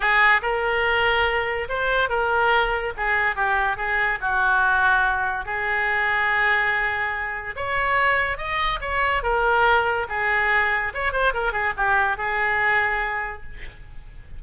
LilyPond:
\new Staff \with { instrumentName = "oboe" } { \time 4/4 \tempo 4 = 143 gis'4 ais'2. | c''4 ais'2 gis'4 | g'4 gis'4 fis'2~ | fis'4 gis'2.~ |
gis'2 cis''2 | dis''4 cis''4 ais'2 | gis'2 cis''8 c''8 ais'8 gis'8 | g'4 gis'2. | }